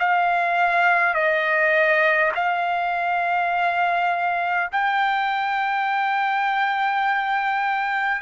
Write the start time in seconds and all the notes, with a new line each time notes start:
0.00 F5
1.14 D#5
2.35 F5
4.72 G5